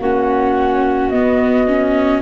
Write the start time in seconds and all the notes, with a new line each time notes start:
0.00 A#3 C#4 F#4 F#5
1.10 B3 D#5
1.68 C#4